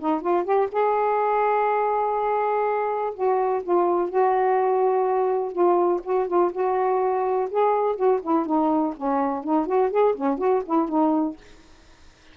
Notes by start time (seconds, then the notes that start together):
0.00 D#4
0.21 F4
0.44 G4
0.72 G#4
3.14 F#4
3.63 F4
4.10 F#4
5.52 F4
6.04 F#4
6.27 F4
6.52 F#4
7.51 G#4
7.96 F#4
8.23 E4
8.46 D#4
8.97 C#4
9.44 D#4
9.66 F#4
9.91 G#4
10.15 C#4
10.39 F#4
10.66 E4
10.89 D#4